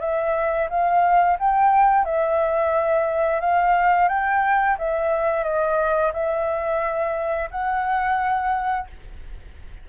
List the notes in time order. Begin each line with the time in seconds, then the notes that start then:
0.00 E5
0.69 F5
1.39 G5
2.05 E5
3.40 F5
4.08 G5
4.78 E5
5.44 D#5
6.13 E5
7.51 F#5